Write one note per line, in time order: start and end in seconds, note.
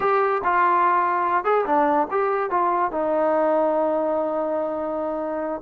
0.00 0.41 G4
0.44 1.44 F4
1.44 1.65 G#4
1.66 2.07 D4
2.10 2.50 G4
2.50 2.91 F4
2.91 5.61 D#4